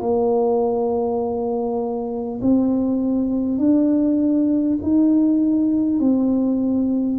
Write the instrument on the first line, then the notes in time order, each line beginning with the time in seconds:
tuba
0.00 A#3
2.41 C4
3.58 D4
4.82 D#4
5.99 C4